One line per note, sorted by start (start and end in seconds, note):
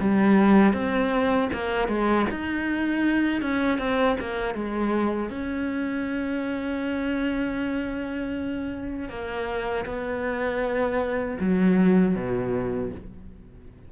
0.00 0.74 G3
0.74 1.49 C4
1.53 1.88 A#3
1.88 2.26 G#3
2.30 3.41 D#4
3.41 3.79 C#4
3.79 4.17 C4
4.20 4.54 A#3
4.54 5.30 G#3
5.30 9.09 C#4
9.09 9.85 A#3
9.86 11.38 B3
11.40 12.15 F#3
12.15 12.91 B2